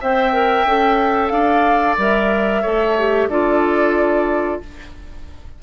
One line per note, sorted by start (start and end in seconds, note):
0.00 0.65 C4
0.00 0.33 C5
0.00 1.32 E5
0.00 1.28 G5
0.33 0.66 A#4
0.65 1.30 C#4
0.65 1.98 A4
1.28 1.96 D4
1.28 2.62 D5
1.28 1.94 F5
1.97 2.63 G3
1.97 2.63 A#4
1.97 3.29 E5
2.62 3.28 A3
2.62 2.96 A4
2.62 3.28 C#5
2.98 3.30 G4
3.28 4.60 D4
3.28 4.62 F4
3.28 4.62 A4
3.28 4.61 D5